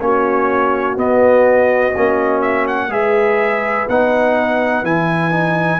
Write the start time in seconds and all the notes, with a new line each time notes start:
0.00 A#3 C#4 F#4 C#5
0.97 B3 D#5
1.96 A#3 C#4
2.42 E5
2.68 F#5
2.89 G#3 G#4 B4 E5
3.89 B3 D#4 F#5
4.83 E3 E4 G#5
5.31 D#4